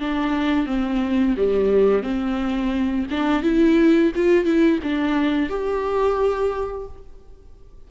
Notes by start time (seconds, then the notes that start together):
0.00 D4
0.67 C4
1.37 G3
2.03 C4
3.11 D4
3.43 E4
4.16 F4
4.45 E4
4.83 D4
5.50 G4